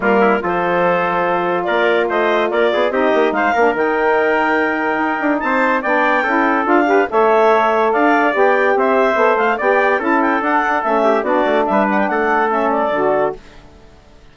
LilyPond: <<
  \new Staff \with { instrumentName = "clarinet" } { \time 4/4 \tempo 4 = 144 ais'4 c''2. | d''4 dis''4 d''4 dis''4 | f''4 g''2.~ | g''4 a''4 g''2 |
f''4 e''2 f''4 | g''4 e''4. f''8 g''4 | a''8 g''8 fis''4 e''4 d''4 | e''8 fis''16 g''16 fis''4 e''8 d''4. | }
  \new Staff \with { instrumentName = "trumpet" } { \time 4/4 f'8 e'8 a'2. | ais'4 c''4 ais'8 gis'8 g'4 | c''8 ais'2.~ ais'8~ | ais'4 c''4 d''4 a'4~ |
a'8 b'8 cis''2 d''4~ | d''4 c''2 d''4 | a'2~ a'8 g'8 fis'4 | b'4 a'2. | }
  \new Staff \with { instrumentName = "saxophone" } { \time 4/4 ais4 f'2.~ | f'2. dis'4~ | dis'8 d'8 dis'2.~ | dis'2 d'4 e'4 |
f'8 g'8 a'2. | g'2 a'4 g'4 | e'4 d'4 cis'4 d'4~ | d'2 cis'4 fis'4 | }
  \new Staff \with { instrumentName = "bassoon" } { \time 4/4 g4 f2. | ais4 a4 ais8 b8 c'8 ais8 | gis8 ais8 dis2. | dis'8 d'8 c'4 b4 cis'4 |
d'4 a2 d'4 | b4 c'4 b8 a8 b4 | cis'4 d'4 a4 b8 a8 | g4 a2 d4 | }
>>